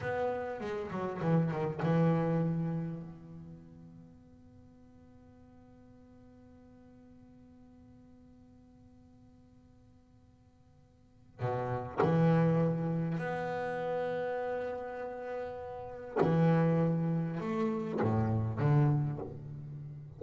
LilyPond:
\new Staff \with { instrumentName = "double bass" } { \time 4/4 \tempo 4 = 100 b4 gis8 fis8 e8 dis8 e4~ | e4 b2.~ | b1~ | b1~ |
b2. b,4 | e2 b2~ | b2. e4~ | e4 a4 a,4 d4 | }